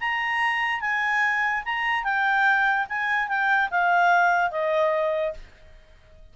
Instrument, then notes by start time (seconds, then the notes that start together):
clarinet
0.00 A#5
0.81 G#5
1.65 A#5
2.04 G5
2.89 G#5
3.28 G5
3.71 F5
4.51 D#5